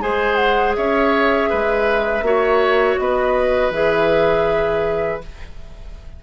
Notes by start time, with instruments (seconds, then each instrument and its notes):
0.00 bassoon G#3, clarinet G#4, oboe C5, flute G#5
0.35 flute F#5
0.76 bassoon C#4, oboe C#5, flute E5
1.50 bassoon G#3, oboe B4
2.22 bassoon A#3, clarinet F#4, oboe C#5
2.98 bassoon B3, oboe B4, flute D#5
3.70 bassoon E3, clarinet G#4, flute E5